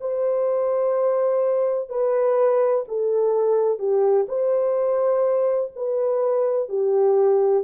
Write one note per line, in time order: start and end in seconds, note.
0.00 1.89 C5
1.89 2.84 B4
2.88 3.79 A4
3.79 4.26 G4
4.29 5.71 C5
5.75 6.68 B4
6.68 7.64 G4